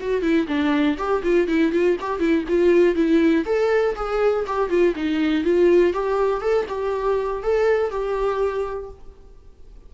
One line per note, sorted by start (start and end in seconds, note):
0.00 0.22 F#4
0.22 0.47 E4
0.48 0.97 D4
0.97 1.22 G4
1.23 1.47 F4
1.47 1.72 E4
1.72 1.97 F4
2.00 2.20 G4
2.20 2.44 E4
2.48 2.95 F4
2.95 3.44 E4
3.46 3.95 A4
3.95 4.45 G#4
4.47 4.69 G4
4.69 4.94 F4
4.95 5.44 D#4
5.44 5.93 F4
5.93 6.41 G4
6.41 6.66 A4
6.68 7.42 G4
7.42 7.90 A4
7.90 8.89 G4